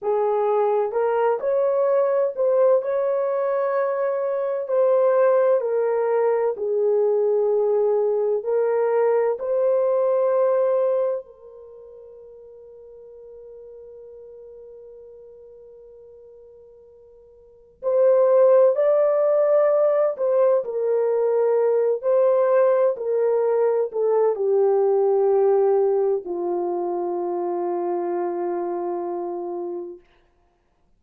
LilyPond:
\new Staff \with { instrumentName = "horn" } { \time 4/4 \tempo 4 = 64 gis'4 ais'8 cis''4 c''8 cis''4~ | cis''4 c''4 ais'4 gis'4~ | gis'4 ais'4 c''2 | ais'1~ |
ais'2. c''4 | d''4. c''8 ais'4. c''8~ | c''8 ais'4 a'8 g'2 | f'1 | }